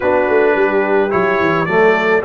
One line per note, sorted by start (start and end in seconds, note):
0.00 0.28 B3
0.00 1.09 D4
0.00 0.54 F#4
0.00 1.11 B4
0.28 0.55 A3
0.55 1.11 G3
0.55 1.70 G4
1.09 1.40 F#3
1.09 1.66 E4
1.09 1.65 C#5
1.40 1.67 E3
1.65 2.23 F#3
1.65 2.22 A3
1.65 2.25 A4
1.65 2.21 D5